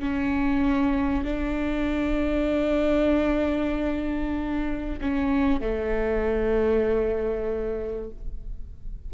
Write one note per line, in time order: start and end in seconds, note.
0.00 1.25 C#4
1.25 5.00 D4
5.01 5.61 C#4
5.61 8.11 A3